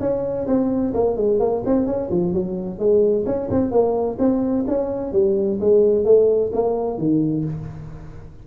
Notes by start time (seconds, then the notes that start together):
0.00 C#4
0.47 C4
0.94 A#3
1.17 G#3
1.40 A#3
1.66 C4
1.86 C#4
2.11 F3
2.33 F#3
2.79 G#3
3.26 C#4
3.51 C4
3.71 A#3
4.19 C4
4.67 C#4
5.13 G3
5.60 G#3
6.05 A3
6.53 A#3
6.98 D#3